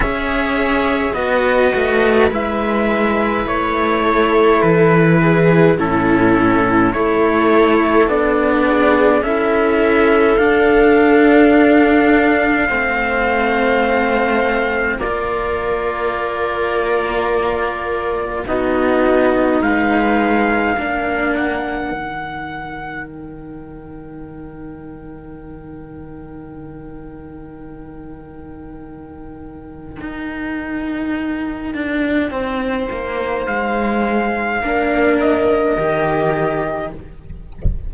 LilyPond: <<
  \new Staff \with { instrumentName = "trumpet" } { \time 4/4 \tempo 4 = 52 e''4 dis''4 e''4 cis''4 | b'4 a'4 cis''4 d''4 | e''4 f''2.~ | f''4 d''2. |
dis''4 f''4. fis''4. | g''1~ | g''1~ | g''4 f''4. dis''4. | }
  \new Staff \with { instrumentName = "viola" } { \time 4/4 cis''4 b'2~ b'8 a'8~ | a'8 gis'8 e'4 a'4. gis'8 | a'2. c''4~ | c''4 ais'2. |
fis'4 b'4 ais'2~ | ais'1~ | ais'1 | c''2 ais'2 | }
  \new Staff \with { instrumentName = "cello" } { \time 4/4 gis'4 fis'4 e'2~ | e'4 cis'4 e'4 d'4 | e'4 d'2 c'4~ | c'4 f'2. |
dis'2 d'4 dis'4~ | dis'1~ | dis'1~ | dis'2 d'4 g'4 | }
  \new Staff \with { instrumentName = "cello" } { \time 4/4 cis'4 b8 a8 gis4 a4 | e4 a,4 a4 b4 | cis'4 d'2 a4~ | a4 ais2. |
b4 gis4 ais4 dis4~ | dis1~ | dis2 dis'4. d'8 | c'8 ais8 gis4 ais4 dis4 | }
>>